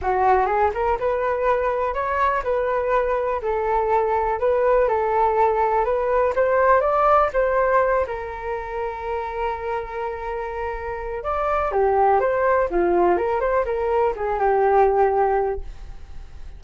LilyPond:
\new Staff \with { instrumentName = "flute" } { \time 4/4 \tempo 4 = 123 fis'4 gis'8 ais'8 b'2 | cis''4 b'2 a'4~ | a'4 b'4 a'2 | b'4 c''4 d''4 c''4~ |
c''8 ais'2.~ ais'8~ | ais'2. d''4 | g'4 c''4 f'4 ais'8 c''8 | ais'4 gis'8 g'2~ g'8 | }